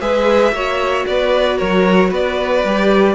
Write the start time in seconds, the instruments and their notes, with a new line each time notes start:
0.00 cello G#3, viola G#4, violin B4 E5
0.51 cello A#3, viola F#4, violin C#5
1.06 cello B3, violin B4 D5
1.57 cello F#3, violin A#4 C#5
2.09 cello B3, violin B4 D5
2.64 cello G3, viola G4